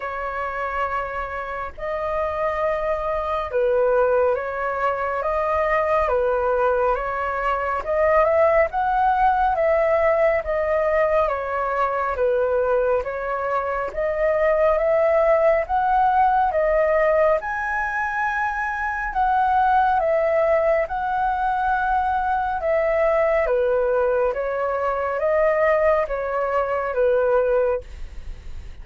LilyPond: \new Staff \with { instrumentName = "flute" } { \time 4/4 \tempo 4 = 69 cis''2 dis''2 | b'4 cis''4 dis''4 b'4 | cis''4 dis''8 e''8 fis''4 e''4 | dis''4 cis''4 b'4 cis''4 |
dis''4 e''4 fis''4 dis''4 | gis''2 fis''4 e''4 | fis''2 e''4 b'4 | cis''4 dis''4 cis''4 b'4 | }